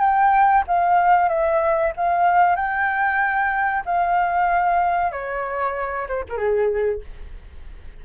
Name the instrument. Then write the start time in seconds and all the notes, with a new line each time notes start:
flute
0.00 G5
0.67 F5
1.29 E5
1.96 F5
2.56 G5
3.86 F5
5.12 C#5
6.08 C5
6.29 A#4
6.37 G#4